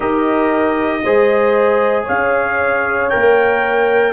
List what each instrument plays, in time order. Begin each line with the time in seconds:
0.00 tuba D#4, trombone G4, horn A#4, trumpet D#5
1.04 tuba G#3, trombone G#4, horn C5
2.04 tuba C#4, horn C#5, trumpet F5
3.09 tuba A#3, trombone A#4, trumpet G5